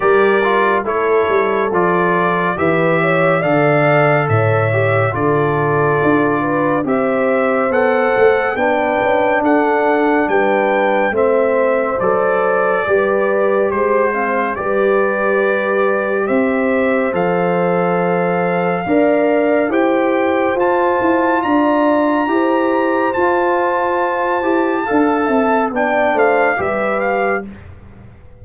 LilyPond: <<
  \new Staff \with { instrumentName = "trumpet" } { \time 4/4 \tempo 4 = 70 d''4 cis''4 d''4 e''4 | f''4 e''4 d''2 | e''4 fis''4 g''4 fis''4 | g''4 e''4 d''2 |
c''4 d''2 e''4 | f''2. g''4 | a''4 ais''2 a''4~ | a''2 g''8 f''8 e''8 f''8 | }
  \new Staff \with { instrumentName = "horn" } { \time 4/4 ais'4 a'2 b'8 cis''8 | d''4 cis''4 a'4. b'8 | c''2 b'4 a'4 | b'4 c''2 b'4 |
c''8 f''8 b'2 c''4~ | c''2 d''4 c''4~ | c''4 d''4 c''2~ | c''4 f''8 e''8 d''8 c''8 b'4 | }
  \new Staff \with { instrumentName = "trombone" } { \time 4/4 g'8 f'8 e'4 f'4 g'4 | a'4. g'8 f'2 | g'4 a'4 d'2~ | d'4 c'4 a'4 g'4~ |
g'8 c'8 g'2. | a'2 ais'4 g'4 | f'2 g'4 f'4~ | f'8 g'8 a'4 d'4 g'4 | }
  \new Staff \with { instrumentName = "tuba" } { \time 4/4 g4 a8 g8 f4 e4 | d4 a,4 d4 d'4 | c'4 b8 a8 b8 cis'8 d'4 | g4 a4 fis4 g4 |
gis4 g2 c'4 | f2 d'4 e'4 | f'8 e'8 d'4 e'4 f'4~ | f'8 e'8 d'8 c'8 b8 a8 g4 | }
>>